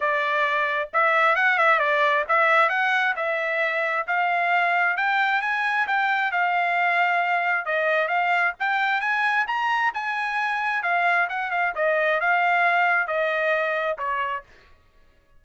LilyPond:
\new Staff \with { instrumentName = "trumpet" } { \time 4/4 \tempo 4 = 133 d''2 e''4 fis''8 e''8 | d''4 e''4 fis''4 e''4~ | e''4 f''2 g''4 | gis''4 g''4 f''2~ |
f''4 dis''4 f''4 g''4 | gis''4 ais''4 gis''2 | f''4 fis''8 f''8 dis''4 f''4~ | f''4 dis''2 cis''4 | }